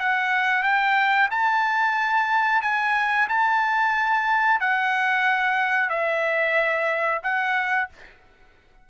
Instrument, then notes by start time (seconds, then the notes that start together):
trumpet
0.00 F#5
0.64 G5
1.31 A5
2.62 G#5
3.29 A5
4.61 F#5
5.90 E5
7.23 F#5